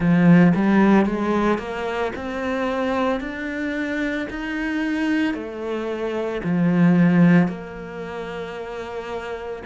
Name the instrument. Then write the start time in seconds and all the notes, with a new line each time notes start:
cello
0.00 F3
0.55 G3
1.05 G#3
1.58 A#3
2.15 C4
3.20 D4
4.30 D#4
5.33 A3
6.43 F3
7.48 A#3